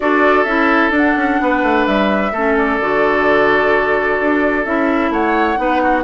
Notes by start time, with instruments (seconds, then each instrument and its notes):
0.00 bassoon D4, clarinet F#4, oboe A4, flute D5
0.43 bassoon C#4, clarinet E4, flute E5
0.90 bassoon D4, clarinet D4
0.96 flute F#5
1.16 bassoon C#4
1.41 bassoon B3, oboe B4
1.62 bassoon A3
1.86 bassoon G3, flute E5
2.32 bassoon A3, clarinet C#4, oboe A4
2.57 flute D5
2.80 bassoon D3, clarinet F#4
4.20 bassoon D4
4.65 bassoon C#4, clarinet E4, flute E5
5.09 bassoon A3, oboe C#5, flute F#5
5.56 bassoon B3, clarinet D#4, oboe B4
5.82 oboe F#4